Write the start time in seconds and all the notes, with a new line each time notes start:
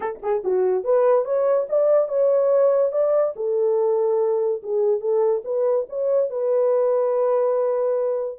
0.00 A4
0.22 G#4
0.43 F#4
0.84 B4
1.25 C#5
1.69 D5
2.08 C#5
2.92 D5
3.36 A4
4.62 G#4
5.00 A4
5.44 B4
5.89 C#5
6.30 B4